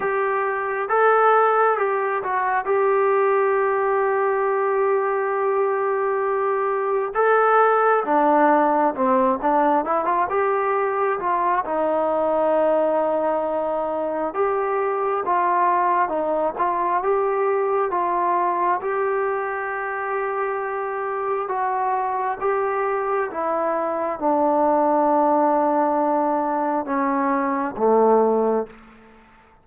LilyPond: \new Staff \with { instrumentName = "trombone" } { \time 4/4 \tempo 4 = 67 g'4 a'4 g'8 fis'8 g'4~ | g'1 | a'4 d'4 c'8 d'8 e'16 f'16 g'8~ | g'8 f'8 dis'2. |
g'4 f'4 dis'8 f'8 g'4 | f'4 g'2. | fis'4 g'4 e'4 d'4~ | d'2 cis'4 a4 | }